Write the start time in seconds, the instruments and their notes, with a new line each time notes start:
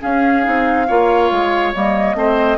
0.00 clarinet C#4, bassoon C#4, oboe G#4, flute F5
0.43 bassoon C4, clarinet D#4
0.87 bassoon A#3, clarinet F4, oboe C#5
1.31 bassoon G#3
1.74 bassoon G3, clarinet A#3, flute D#5
2.14 bassoon A3, clarinet C4, oboe C5